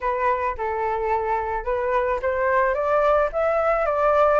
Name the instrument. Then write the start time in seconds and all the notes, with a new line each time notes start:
flute
0.00 B4
0.57 A4
1.64 B4
2.22 C5
2.74 D5
3.32 E5
3.85 D5